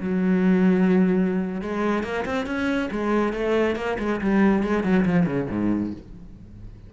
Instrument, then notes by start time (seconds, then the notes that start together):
cello
0.00 F#3
1.61 G#3
2.03 A#3
2.25 C4
2.46 C#4
2.91 G#3
3.33 A3
3.76 A#3
3.99 G#3
4.21 G3
4.63 G#3
4.83 F#3
5.05 F3
5.26 C#3
5.50 G#2